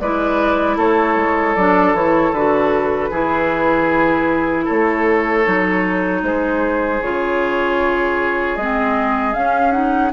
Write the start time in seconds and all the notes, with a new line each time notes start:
0.00 G#3 E4 B4 D5
0.77 A3 A4 C#5
1.16 G#3
1.56 F#3 D4 D5
1.93 E3 E4 C#5
2.32 D3 F#4 B4
3.11 E3 E4 G#4
4.65 A3 A4 C#5
5.44 F#3 D#4
6.23 G#3 G#4 C5
7.02 C#3 F4 C#5
8.56 G#3 C4 D#5
9.34 C#4 F5
9.72 D#4 F#5